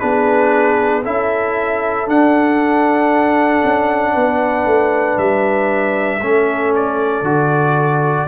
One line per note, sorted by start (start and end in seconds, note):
0.00 1.06 B3
0.00 1.04 D4
0.00 1.02 G#4
0.00 1.03 B4
1.02 2.08 C#4
1.02 2.07 E4
1.02 4.13 A4
1.02 2.09 E5
2.07 6.21 D4
2.07 3.63 D4
2.07 5.19 F#5
3.64 4.16 C#4
4.13 4.66 B3
4.13 6.20 B4
4.66 5.17 A3
5.18 6.21 G3
5.18 6.74 E5
6.21 7.22 A3
6.21 7.25 C#4
6.21 8.29 A4
6.76 8.29 D5
7.22 8.26 D3
7.22 8.28 F#4